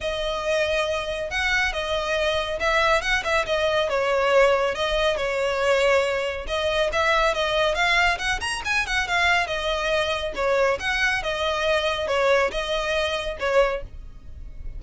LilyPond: \new Staff \with { instrumentName = "violin" } { \time 4/4 \tempo 4 = 139 dis''2. fis''4 | dis''2 e''4 fis''8 e''8 | dis''4 cis''2 dis''4 | cis''2. dis''4 |
e''4 dis''4 f''4 fis''8 ais''8 | gis''8 fis''8 f''4 dis''2 | cis''4 fis''4 dis''2 | cis''4 dis''2 cis''4 | }